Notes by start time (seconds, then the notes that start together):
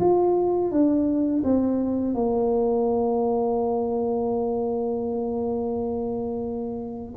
0.00 F4
0.71 D4
1.44 C4
2.15 A#3